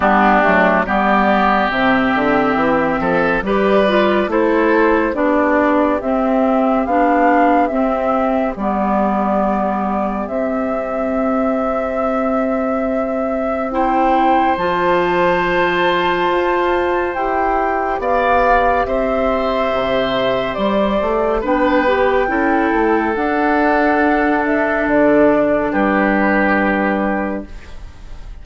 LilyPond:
<<
  \new Staff \with { instrumentName = "flute" } { \time 4/4 \tempo 4 = 70 g'4 d''4 e''2 | d''4 c''4 d''4 e''4 | f''4 e''4 d''2 | e''1 |
g''4 a''2. | g''4 f''4 e''2 | d''4 g''2 fis''4~ | fis''8 e''8 d''4 b'2 | }
  \new Staff \with { instrumentName = "oboe" } { \time 4/4 d'4 g'2~ g'8 a'8 | b'4 a'4 g'2~ | g'1~ | g'1 |
c''1~ | c''4 d''4 c''2~ | c''4 b'4 a'2~ | a'2 g'2 | }
  \new Staff \with { instrumentName = "clarinet" } { \time 4/4 b8 a8 b4 c'2 | g'8 f'8 e'4 d'4 c'4 | d'4 c'4 b2 | c'1 |
e'4 f'2. | g'1~ | g'4 d'8 g'8 e'4 d'4~ | d'1 | }
  \new Staff \with { instrumentName = "bassoon" } { \time 4/4 g8 fis8 g4 c8 d8 e8 f8 | g4 a4 b4 c'4 | b4 c'4 g2 | c'1~ |
c'4 f2 f'4 | e'4 b4 c'4 c4 | g8 a8 b4 cis'8 a8 d'4~ | d'4 d4 g2 | }
>>